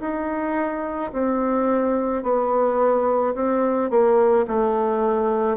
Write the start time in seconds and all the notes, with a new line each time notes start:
0.00 D#4
1.13 C4
2.23 B3
3.34 C4
3.90 A#3
4.47 A3